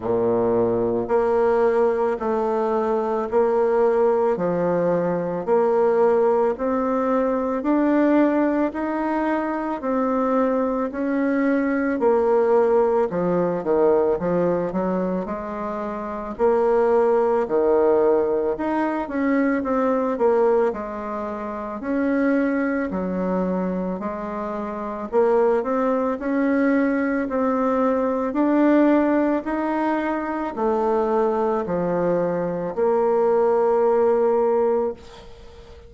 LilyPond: \new Staff \with { instrumentName = "bassoon" } { \time 4/4 \tempo 4 = 55 ais,4 ais4 a4 ais4 | f4 ais4 c'4 d'4 | dis'4 c'4 cis'4 ais4 | f8 dis8 f8 fis8 gis4 ais4 |
dis4 dis'8 cis'8 c'8 ais8 gis4 | cis'4 fis4 gis4 ais8 c'8 | cis'4 c'4 d'4 dis'4 | a4 f4 ais2 | }